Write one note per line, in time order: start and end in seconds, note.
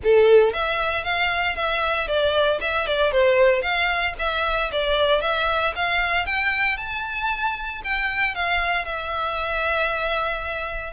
0.03 0.53 A4
0.53 1.04 E5
1.04 1.55 F5
1.55 2.07 E5
2.07 2.59 D5
2.60 2.86 E5
2.86 3.11 D5
3.11 3.61 C5
3.61 4.14 F5
4.19 4.71 E5
4.71 5.21 D5
5.21 5.73 E5
5.75 6.26 F5
6.26 6.77 G5
6.77 7.81 A5
7.84 8.34 G5
8.34 8.85 F5
8.85 10.93 E5